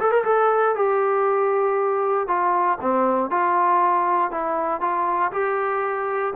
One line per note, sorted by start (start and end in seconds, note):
0.00 0.12 A4
0.12 0.24 A#4
0.25 0.76 A4
0.76 2.28 G4
2.28 2.79 F4
2.82 3.31 C4
3.31 4.32 F4
4.32 4.81 E4
4.81 5.32 F4
5.32 6.34 G4